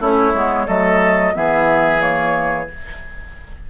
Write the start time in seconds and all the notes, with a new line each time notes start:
0.00 A3 C#4 E4 C#5
0.34 G#3 B3
0.66 F#3 A3 A4 D#5
1.34 E3 B3 G#4 E5
1.99 A#3 C#5